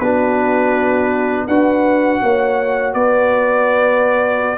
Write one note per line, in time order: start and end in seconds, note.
0.00 1.46 B3
0.00 1.50 D4
0.00 1.47 F#4
0.00 1.46 B4
1.47 2.21 D4
1.47 4.58 F#4
1.47 2.20 B4
1.47 2.94 F#5
2.22 2.94 A#3
2.22 2.95 C#5
2.94 4.58 B3
2.94 4.58 B4
2.94 4.58 D5